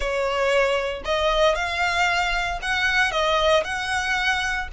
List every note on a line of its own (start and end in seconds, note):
0.00 1.02 C#5
1.04 1.55 D#5
1.55 2.59 F5
2.61 3.11 F#5
3.11 3.63 D#5
3.64 4.68 F#5